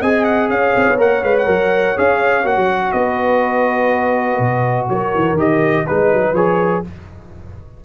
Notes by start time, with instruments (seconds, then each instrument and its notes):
0.00 tuba C4, trombone G#4, horn D#5, trumpet G#5
0.24 trumpet F#5
0.49 tuba C#4, horn C#5, trumpet F5
0.76 tuba C4
0.88 tuba B3
0.98 tuba A#3, trombone A#4, trumpet F#5
1.23 tuba G#3, trombone B4, trumpet F5
1.38 trumpet F#5
1.46 tuba F#3, trombone A#4
1.96 tuba C#4, trombone G#4, trumpet F5
2.44 tuba A#3, trombone F#4, trumpet F#5
2.56 tuba F#3
2.92 tuba B3, horn B4, trumpet D#5
4.39 tuba B2
4.89 tuba F#3, horn A#4, trumpet C#5
5.15 tuba E3
5.33 tuba D#3, trombone G4, trumpet D#5
5.87 tuba G#3, trombone D#4, trumpet B4, horn B4
6.13 tuba F#3
6.33 tuba F3, trombone G#4, trumpet C#5